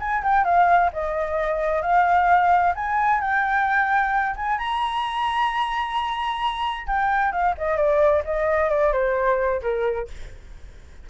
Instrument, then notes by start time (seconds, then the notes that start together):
flute
0.00 G#5
0.23 G5
0.44 F5
0.93 D#5
1.82 F5
2.75 G#5
3.21 G5
4.36 G#5
4.58 A#5
6.87 G5
7.32 F5
7.57 D#5
7.77 D5
8.25 D#5
8.69 D5
8.93 C5
9.62 A#4